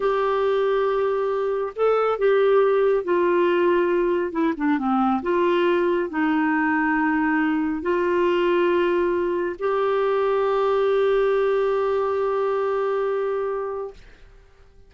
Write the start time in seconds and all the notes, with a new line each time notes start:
0.00 G4
1.75 A4
2.18 G4
3.04 F4
4.32 E4
4.57 D4
4.78 C4
5.22 F4
6.09 D#4
7.82 F4
9.58 G4